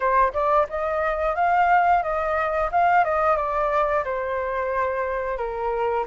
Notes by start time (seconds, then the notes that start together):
0.00 C5
0.33 D5
0.69 D#5
1.35 F5
2.02 D#5
2.71 F5
3.04 D#5
3.36 D5
4.04 C5
5.37 A#4